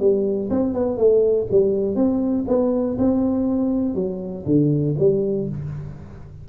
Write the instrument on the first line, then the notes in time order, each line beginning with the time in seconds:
tuba
0.00 G3
0.50 C4
0.74 B3
0.98 A3
1.51 G3
1.96 C4
2.48 B3
2.98 C4
3.95 F#3
4.46 D3
4.99 G3